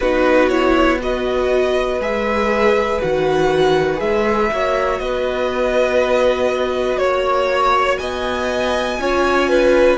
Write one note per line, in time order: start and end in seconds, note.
0.00 1.99 B3
0.00 0.50 D#4
0.00 1.01 F#4
0.00 0.48 B4
0.48 0.99 E4
0.48 0.98 C#5
0.99 1.99 F#4
0.99 4.53 B4
0.99 2.01 D#5
1.99 2.99 G#3
1.99 3.00 G#4
1.99 3.01 E5
3.00 4.00 D#3
3.00 3.96 F#4
3.00 4.00 F#5
3.96 4.50 G#3
3.96 4.46 G#4
3.96 4.99 E5
4.51 5.00 A#3
4.51 9.00 F#4
4.51 5.01 C#5
4.99 6.98 B3
4.99 6.99 B4
4.99 6.98 D#5
6.98 7.98 A#3
6.98 7.98 C#5
6.98 7.99 C#5
7.98 8.99 B3
7.98 9.00 D#5
7.98 9.98 G#5
8.99 9.98 C#4
8.99 9.98 F4
8.99 9.49 C#5
9.49 9.98 B4